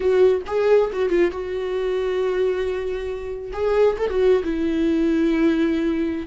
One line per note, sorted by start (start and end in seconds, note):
0.00 0.41 F#4
0.46 0.90 G#4
0.92 1.09 F#4
1.09 1.31 F4
1.31 3.51 F#4
3.52 3.96 G#4
3.98 4.09 A4
4.09 4.42 F#4
4.43 6.27 E4